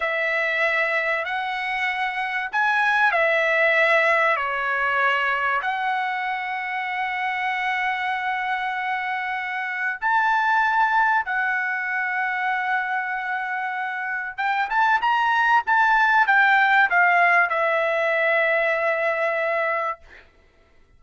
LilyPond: \new Staff \with { instrumentName = "trumpet" } { \time 4/4 \tempo 4 = 96 e''2 fis''2 | gis''4 e''2 cis''4~ | cis''4 fis''2.~ | fis''1 |
a''2 fis''2~ | fis''2. g''8 a''8 | ais''4 a''4 g''4 f''4 | e''1 | }